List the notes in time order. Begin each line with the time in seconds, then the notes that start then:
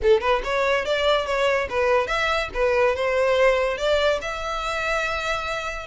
0.02 A4
0.20 B4
0.44 C#5
0.85 D5
1.26 C#5
1.69 B4
2.07 E5
2.53 B4
2.95 C5
3.77 D5
4.21 E5